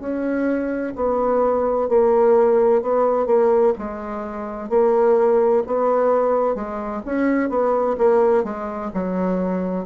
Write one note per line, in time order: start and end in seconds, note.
0.00 0.94 C#4
0.96 1.89 B3
1.89 2.83 A#3
2.83 3.27 B3
3.27 3.74 A#3
3.79 4.70 G#3
4.70 5.64 A#3
5.67 6.55 B3
6.55 7.02 G#3
7.06 7.50 C#4
7.50 7.96 B3
7.98 8.45 A#3
8.45 8.91 G#3
8.94 9.86 F#3